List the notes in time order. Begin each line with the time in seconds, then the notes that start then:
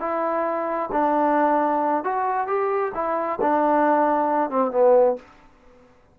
0.00 E4
0.92 D4
2.04 F#4
2.47 G4
2.94 E4
3.41 D4
4.50 C4
4.71 B3